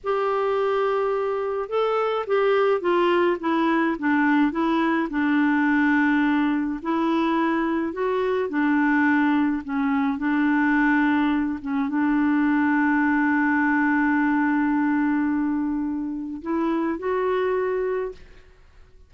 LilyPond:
\new Staff \with { instrumentName = "clarinet" } { \time 4/4 \tempo 4 = 106 g'2. a'4 | g'4 f'4 e'4 d'4 | e'4 d'2. | e'2 fis'4 d'4~ |
d'4 cis'4 d'2~ | d'8 cis'8 d'2.~ | d'1~ | d'4 e'4 fis'2 | }